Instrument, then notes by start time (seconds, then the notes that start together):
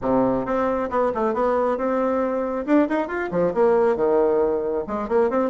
bassoon
0.01 C3
0.45 C4
0.89 B3
1.14 A3
1.34 B3
1.77 C4
2.66 D4
2.88 D#4
3.07 F4
3.31 F3
3.54 A#3
3.95 D#3
4.87 G#3
5.08 A#3
5.30 C4